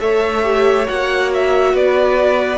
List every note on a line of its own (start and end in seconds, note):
0.00 0.87 A3
0.00 0.43 A4
0.00 1.74 C#5
0.00 0.87 E5
0.43 0.86 G4
0.86 1.74 A#3
0.86 2.58 F#4
0.86 1.32 F#5
1.34 1.76 E5
1.74 2.58 B3
1.74 2.58 B4
1.74 2.58 D5